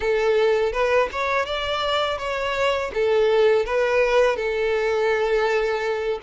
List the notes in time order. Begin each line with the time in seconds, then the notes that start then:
0.00 A4
0.72 B4
1.12 C#5
1.45 D5
2.18 C#5
2.93 A4
3.65 B4
4.36 A4